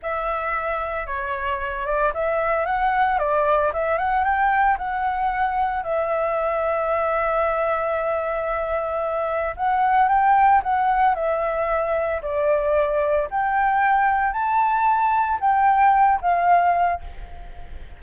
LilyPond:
\new Staff \with { instrumentName = "flute" } { \time 4/4 \tempo 4 = 113 e''2 cis''4. d''8 | e''4 fis''4 d''4 e''8 fis''8 | g''4 fis''2 e''4~ | e''1~ |
e''2 fis''4 g''4 | fis''4 e''2 d''4~ | d''4 g''2 a''4~ | a''4 g''4. f''4. | }